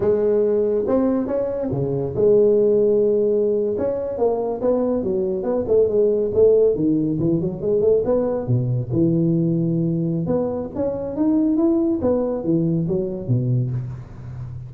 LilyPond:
\new Staff \with { instrumentName = "tuba" } { \time 4/4 \tempo 4 = 140 gis2 c'4 cis'4 | cis4 gis2.~ | gis8. cis'4 ais4 b4 fis16~ | fis8. b8 a8 gis4 a4 dis16~ |
dis8. e8 fis8 gis8 a8 b4 b,16~ | b,8. e2.~ e16 | b4 cis'4 dis'4 e'4 | b4 e4 fis4 b,4 | }